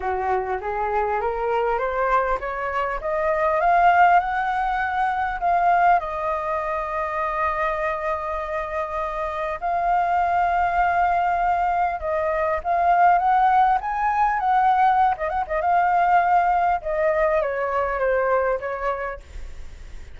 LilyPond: \new Staff \with { instrumentName = "flute" } { \time 4/4 \tempo 4 = 100 fis'4 gis'4 ais'4 c''4 | cis''4 dis''4 f''4 fis''4~ | fis''4 f''4 dis''2~ | dis''1 |
f''1 | dis''4 f''4 fis''4 gis''4 | fis''4~ fis''16 dis''16 fis''16 dis''16 f''2 | dis''4 cis''4 c''4 cis''4 | }